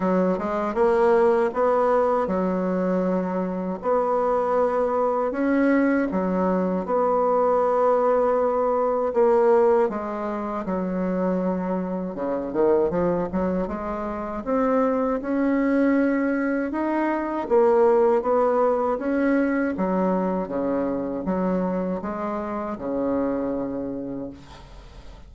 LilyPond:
\new Staff \with { instrumentName = "bassoon" } { \time 4/4 \tempo 4 = 79 fis8 gis8 ais4 b4 fis4~ | fis4 b2 cis'4 | fis4 b2. | ais4 gis4 fis2 |
cis8 dis8 f8 fis8 gis4 c'4 | cis'2 dis'4 ais4 | b4 cis'4 fis4 cis4 | fis4 gis4 cis2 | }